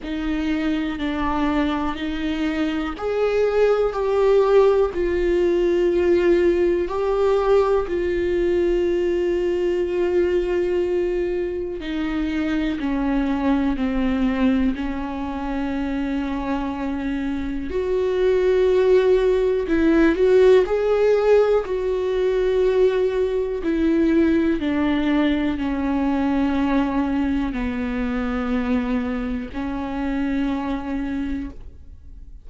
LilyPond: \new Staff \with { instrumentName = "viola" } { \time 4/4 \tempo 4 = 61 dis'4 d'4 dis'4 gis'4 | g'4 f'2 g'4 | f'1 | dis'4 cis'4 c'4 cis'4~ |
cis'2 fis'2 | e'8 fis'8 gis'4 fis'2 | e'4 d'4 cis'2 | b2 cis'2 | }